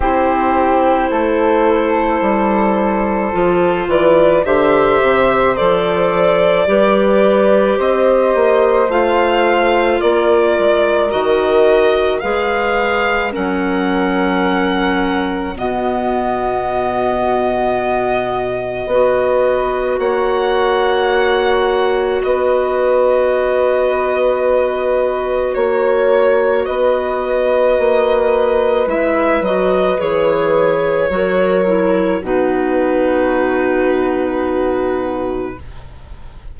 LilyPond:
<<
  \new Staff \with { instrumentName = "violin" } { \time 4/4 \tempo 4 = 54 c''2.~ c''8 d''8 | e''4 d''2 dis''4 | f''4 d''4 dis''4 f''4 | fis''2 dis''2~ |
dis''2 fis''2 | dis''2. cis''4 | dis''2 e''8 dis''8 cis''4~ | cis''4 b'2. | }
  \new Staff \with { instrumentName = "flute" } { \time 4/4 g'4 a'2~ a'8 b'8 | c''2 b'4 c''4~ | c''4 ais'2 b'4 | ais'2 fis'2~ |
fis'4 b'4 cis''2 | b'2. cis''4 | b'1 | ais'4 fis'2. | }
  \new Staff \with { instrumentName = "clarinet" } { \time 4/4 e'2. f'4 | g'4 a'4 g'2 | f'2 fis'4 gis'4 | cis'2 b2~ |
b4 fis'2.~ | fis'1~ | fis'2 e'8 fis'8 gis'4 | fis'8 e'8 dis'2. | }
  \new Staff \with { instrumentName = "bassoon" } { \time 4/4 c'4 a4 g4 f8 e8 | d8 c8 f4 g4 c'8 ais8 | a4 ais8 gis8 dis4 gis4 | fis2 b,2~ |
b,4 b4 ais2 | b2. ais4 | b4 ais4 gis8 fis8 e4 | fis4 b,2. | }
>>